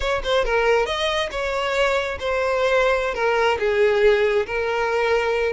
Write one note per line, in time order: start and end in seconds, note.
0.00 0.22 C#5
0.23 0.45 C5
0.45 0.86 A#4
0.86 1.29 D#5
1.31 2.18 C#5
2.19 3.14 C5
3.14 3.58 A#4
3.59 4.46 G#4
4.46 5.52 A#4